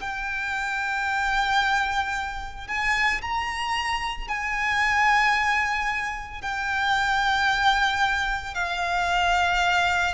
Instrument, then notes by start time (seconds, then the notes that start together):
violin
0.00 G5
2.67 G#5
3.21 A#5
4.28 G#5
6.41 G5
8.55 F5